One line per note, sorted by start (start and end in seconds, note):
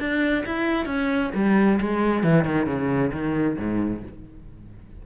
0.00 0.45 D4
0.46 0.86 E4
0.86 1.31 C#4
1.35 1.80 G3
1.81 2.24 G#3
2.24 2.45 E3
2.45 2.67 D#3
2.67 3.12 C#3
3.13 3.57 D#3
3.59 4.04 G#2